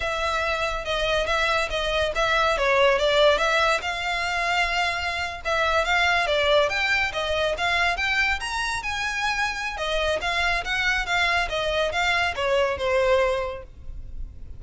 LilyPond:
\new Staff \with { instrumentName = "violin" } { \time 4/4 \tempo 4 = 141 e''2 dis''4 e''4 | dis''4 e''4 cis''4 d''4 | e''4 f''2.~ | f''8. e''4 f''4 d''4 g''16~ |
g''8. dis''4 f''4 g''4 ais''16~ | ais''8. gis''2~ gis''16 dis''4 | f''4 fis''4 f''4 dis''4 | f''4 cis''4 c''2 | }